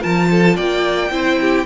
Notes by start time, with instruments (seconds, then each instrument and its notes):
0.00 cello F3, viola F4, violin A#4 A5
0.31 violin A4
0.56 cello A#3, violin D5 G5
1.10 cello C4, viola E4, violin C5
1.40 violin G4